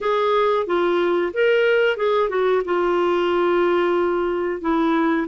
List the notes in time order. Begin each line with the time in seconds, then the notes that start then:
0.00 G#4
0.66 F4
1.33 A#4
1.96 G#4
2.29 F#4
2.64 F4
4.61 E4